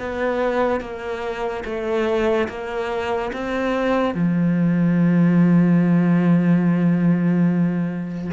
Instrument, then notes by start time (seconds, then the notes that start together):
cello
0.00 B3
0.81 A#3
1.65 A3
2.48 A#3
3.33 C4
4.15 F3